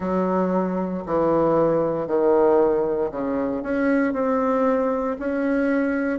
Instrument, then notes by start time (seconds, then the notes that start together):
bassoon
0.00 F#3
1.06 E3
2.07 D#3
3.11 C#3
3.62 C#4
4.13 C4
5.19 C#4